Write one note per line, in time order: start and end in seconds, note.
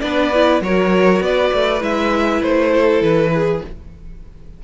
0.00 0.60 B3
0.00 0.32 D4
0.00 0.62 B4
0.00 0.60 D5
0.34 0.63 E4
0.60 1.20 F#3
0.60 1.80 F#4
0.60 1.24 A#4
0.60 1.22 C#5
1.20 1.50 B3
1.20 2.71 B4
1.20 1.82 D5
1.53 1.81 A3
1.80 2.41 G#3
1.80 3.60 E4
1.80 2.42 E5
2.42 3.01 A3
2.42 3.02 C5
2.71 3.31 A4
3.01 3.61 E3
3.01 3.62 B4
3.34 3.64 G#4